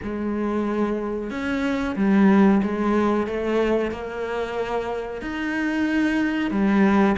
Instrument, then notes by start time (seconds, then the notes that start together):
cello
0.02 G#3
1.30 C#4
1.96 G3
2.63 G#3
3.26 A3
3.91 A#3
5.21 D#4
6.50 G3